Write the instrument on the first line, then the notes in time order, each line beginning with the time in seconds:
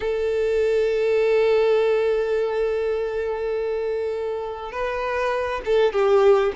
violin
0.00 A4
4.72 B4
5.65 A4
5.92 G4